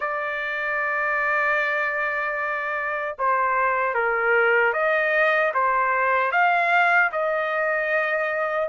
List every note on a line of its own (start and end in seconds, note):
0.00 3.15 D5
3.18 3.94 C5
3.94 4.73 A#4
4.73 5.52 D#5
5.54 6.31 C5
6.31 7.10 F5
7.12 8.68 D#5